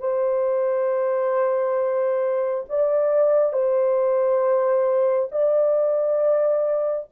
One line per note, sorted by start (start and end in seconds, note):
0.00 2.65 C5
2.70 3.53 D5
3.53 5.30 C5
5.32 7.08 D5